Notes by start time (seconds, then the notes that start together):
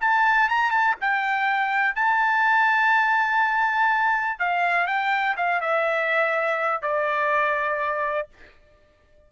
0.00 A5
0.49 A#5
0.71 A5
1.00 G5
1.95 A5
4.39 F5
4.87 G5
5.37 F5
5.61 E5
6.82 D5